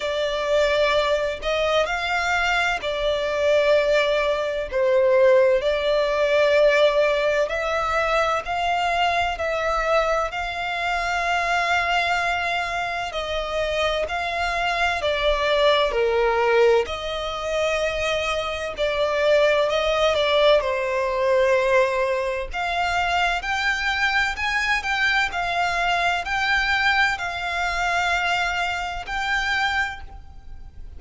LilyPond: \new Staff \with { instrumentName = "violin" } { \time 4/4 \tempo 4 = 64 d''4. dis''8 f''4 d''4~ | d''4 c''4 d''2 | e''4 f''4 e''4 f''4~ | f''2 dis''4 f''4 |
d''4 ais'4 dis''2 | d''4 dis''8 d''8 c''2 | f''4 g''4 gis''8 g''8 f''4 | g''4 f''2 g''4 | }